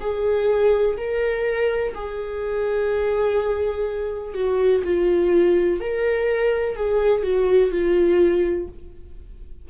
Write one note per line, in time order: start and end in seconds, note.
0.00 0.97 G#4
0.97 1.94 A#4
1.94 4.34 G#4
4.34 4.83 F#4
4.84 5.80 F4
5.80 6.76 A#4
6.76 7.23 G#4
7.23 7.72 F#4
7.72 8.68 F4